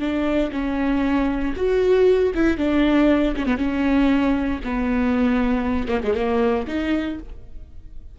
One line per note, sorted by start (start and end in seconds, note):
0.00 0.51 D4
0.52 1.55 C#4
1.57 2.34 F#4
2.35 2.58 E4
2.58 3.35 D4
3.37 3.46 C#4
3.46 3.58 B3
3.58 4.61 C#4
4.64 5.89 B3
5.89 6.02 A#3
6.04 6.15 G#3
6.15 6.66 A#3
6.68 7.19 D#4